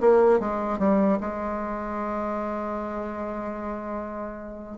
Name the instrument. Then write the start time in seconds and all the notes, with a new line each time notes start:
bassoon
0.00 A#3
0.39 G#3
0.79 G3
1.20 G#3